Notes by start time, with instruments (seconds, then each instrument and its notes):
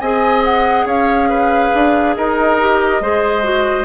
0.00 bassoon C4, clarinet G#4, oboe D#5, flute G#5
0.44 flute F#5
0.86 bassoon C#4, oboe C#5, flute F5
1.30 oboe B4
1.74 bassoon D4
2.17 bassoon D#4, oboe A#4, flute D#5
2.61 clarinet G4
3.01 bassoon G#3, clarinet G#4, oboe C5
3.43 clarinet F#4